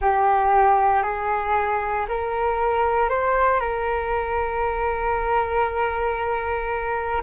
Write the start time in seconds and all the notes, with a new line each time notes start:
0.01 G4
1.03 G#4
2.08 A#4
3.09 C5
3.60 A#4